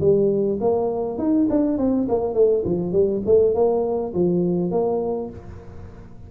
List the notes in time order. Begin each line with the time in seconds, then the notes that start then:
0.00 G3
0.60 A#3
1.18 D#4
1.50 D4
1.78 C4
2.08 A#3
2.34 A3
2.65 F3
2.92 G3
3.26 A3
3.55 A#3
4.14 F3
4.71 A#3